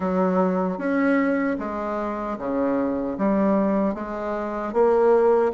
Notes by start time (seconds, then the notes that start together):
0.00 F#3
0.78 C#4
1.59 G#3
2.38 C#3
3.18 G3
3.94 G#3
4.73 A#3